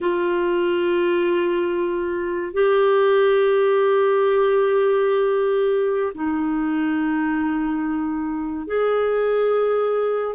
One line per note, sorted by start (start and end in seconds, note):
0.00 2.53 F4
2.53 6.12 G4
6.14 8.66 D#4
8.66 10.35 G#4